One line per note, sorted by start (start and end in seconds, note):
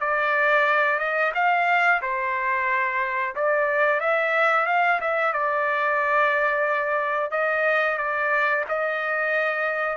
0.00 0.99 D5
0.99 1.32 D#5
1.35 2.01 F5
2.02 3.35 C5
3.35 4.00 D5
4.00 4.66 E5
4.66 5.00 F5
5.01 5.33 E5
5.33 7.31 D5
7.31 7.98 D#5
7.98 8.65 D5
8.68 9.97 D#5